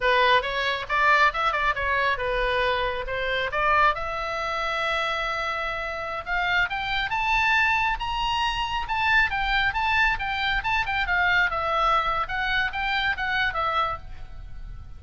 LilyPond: \new Staff \with { instrumentName = "oboe" } { \time 4/4 \tempo 4 = 137 b'4 cis''4 d''4 e''8 d''8 | cis''4 b'2 c''4 | d''4 e''2.~ | e''2~ e''16 f''4 g''8.~ |
g''16 a''2 ais''4.~ ais''16~ | ais''16 a''4 g''4 a''4 g''8.~ | g''16 a''8 g''8 f''4 e''4.~ e''16 | fis''4 g''4 fis''4 e''4 | }